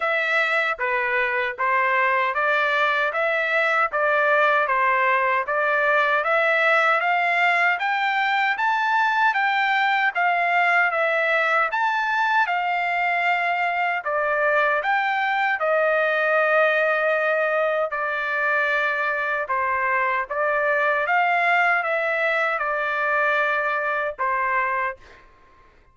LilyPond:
\new Staff \with { instrumentName = "trumpet" } { \time 4/4 \tempo 4 = 77 e''4 b'4 c''4 d''4 | e''4 d''4 c''4 d''4 | e''4 f''4 g''4 a''4 | g''4 f''4 e''4 a''4 |
f''2 d''4 g''4 | dis''2. d''4~ | d''4 c''4 d''4 f''4 | e''4 d''2 c''4 | }